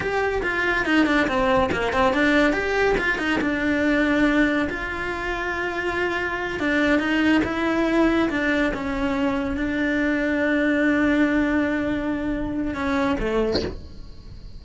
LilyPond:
\new Staff \with { instrumentName = "cello" } { \time 4/4 \tempo 4 = 141 g'4 f'4 dis'8 d'8 c'4 | ais8 c'8 d'4 g'4 f'8 dis'8 | d'2. f'4~ | f'2.~ f'8 d'8~ |
d'8 dis'4 e'2 d'8~ | d'8 cis'2 d'4.~ | d'1~ | d'2 cis'4 a4 | }